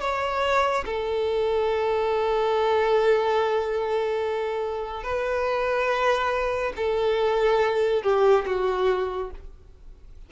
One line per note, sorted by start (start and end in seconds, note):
0.00 0.85 C#5
0.85 5.03 A4
5.03 6.72 B4
6.76 8.03 A4
8.03 8.45 G4
8.46 9.31 F#4